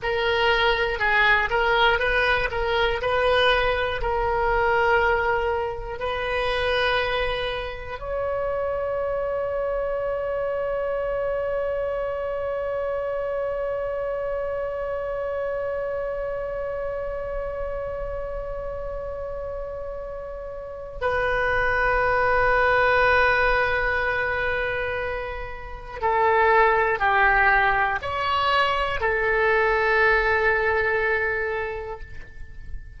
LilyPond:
\new Staff \with { instrumentName = "oboe" } { \time 4/4 \tempo 4 = 60 ais'4 gis'8 ais'8 b'8 ais'8 b'4 | ais'2 b'2 | cis''1~ | cis''1~ |
cis''1~ | cis''4 b'2.~ | b'2 a'4 g'4 | cis''4 a'2. | }